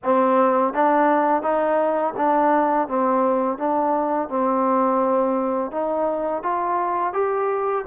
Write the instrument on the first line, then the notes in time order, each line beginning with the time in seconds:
trombone
0.03 C4
0.73 D4
1.42 D#4
2.17 D4
2.87 C4
3.57 D4
4.29 C4
5.71 D#4
6.43 F4
7.13 G4